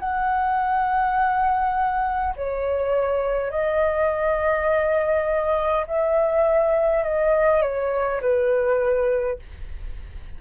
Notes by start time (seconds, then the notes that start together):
0.00 F#5
2.37 C#5
3.51 D#5
5.88 E5
7.04 D#5
7.63 C#5
8.22 B4